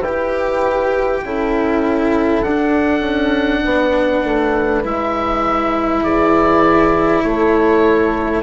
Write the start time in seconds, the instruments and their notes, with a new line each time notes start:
0.00 bassoon E4, cello G4, horn B4, oboe G5
1.25 bassoon C#4, cello E4, horn A4
2.43 bassoon D4, cello D4, oboe F#5
3.00 bassoon C#4
3.64 bassoon B3, horn B4
4.24 bassoon A3
4.84 bassoon G#3, cello E4, oboe E5
6.03 bassoon E3, horn G#4, oboe D5
7.24 bassoon A3, horn A4, oboe C#5